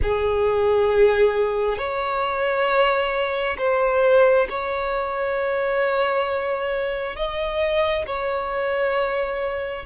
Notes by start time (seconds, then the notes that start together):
0.02 G#4
1.77 C#5
3.57 C5
4.49 C#5
7.16 D#5
8.06 C#5